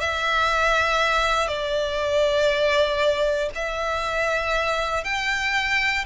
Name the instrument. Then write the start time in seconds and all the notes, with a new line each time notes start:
violin
0.00 E5
1.47 D5
3.55 E5
5.04 G5